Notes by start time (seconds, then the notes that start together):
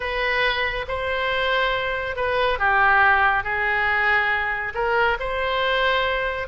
0.00 B4
0.88 C5
2.15 B4
2.59 G4
3.43 G#4
4.74 A#4
5.19 C5